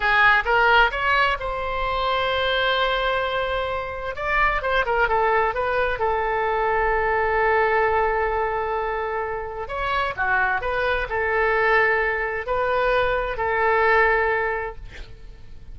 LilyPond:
\new Staff \with { instrumentName = "oboe" } { \time 4/4 \tempo 4 = 130 gis'4 ais'4 cis''4 c''4~ | c''1~ | c''4 d''4 c''8 ais'8 a'4 | b'4 a'2.~ |
a'1~ | a'4 cis''4 fis'4 b'4 | a'2. b'4~ | b'4 a'2. | }